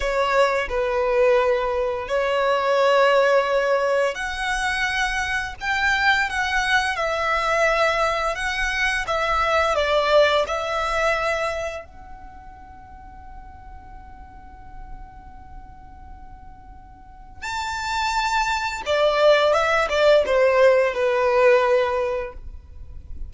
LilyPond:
\new Staff \with { instrumentName = "violin" } { \time 4/4 \tempo 4 = 86 cis''4 b'2 cis''4~ | cis''2 fis''2 | g''4 fis''4 e''2 | fis''4 e''4 d''4 e''4~ |
e''4 fis''2.~ | fis''1~ | fis''4 a''2 d''4 | e''8 d''8 c''4 b'2 | }